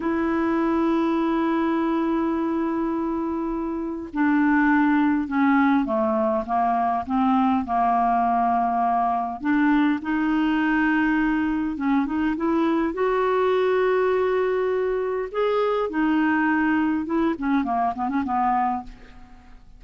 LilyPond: \new Staff \with { instrumentName = "clarinet" } { \time 4/4 \tempo 4 = 102 e'1~ | e'2. d'4~ | d'4 cis'4 a4 ais4 | c'4 ais2. |
d'4 dis'2. | cis'8 dis'8 e'4 fis'2~ | fis'2 gis'4 dis'4~ | dis'4 e'8 cis'8 ais8 b16 cis'16 b4 | }